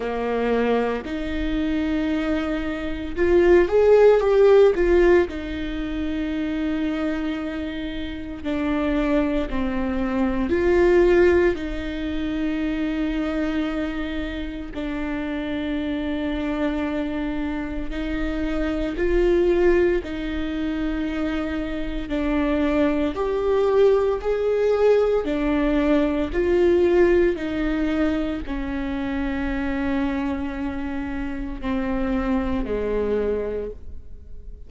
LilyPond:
\new Staff \with { instrumentName = "viola" } { \time 4/4 \tempo 4 = 57 ais4 dis'2 f'8 gis'8 | g'8 f'8 dis'2. | d'4 c'4 f'4 dis'4~ | dis'2 d'2~ |
d'4 dis'4 f'4 dis'4~ | dis'4 d'4 g'4 gis'4 | d'4 f'4 dis'4 cis'4~ | cis'2 c'4 gis4 | }